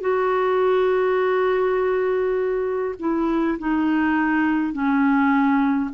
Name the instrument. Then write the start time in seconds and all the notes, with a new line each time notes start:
clarinet
0.00 F#4
2.98 E4
3.58 D#4
4.72 C#4